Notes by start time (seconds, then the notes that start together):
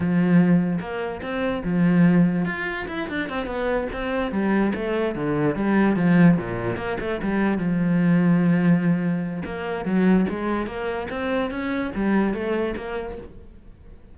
0.00 F3
0.80 A#3
1.21 C4
1.64 F3
2.45 F4
2.87 E4
3.09 D4
3.29 C4
3.46 B3
3.92 C4
4.31 G3
4.74 A3
5.15 D3
5.55 G3
5.96 F3
6.37 A#2
6.77 A#3
7.00 A3
7.22 G3
7.58 F3
9.45 A#3
9.85 F#3
10.29 G#3
10.66 A#3
11.09 C4
11.50 C#4
11.95 G3
12.33 A3
12.76 A#3